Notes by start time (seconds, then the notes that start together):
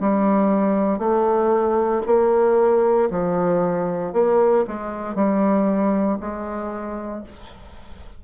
0.00 G3
0.98 A3
2.06 A#3
3.10 F3
4.13 A#3
4.67 G#3
5.15 G3
6.20 G#3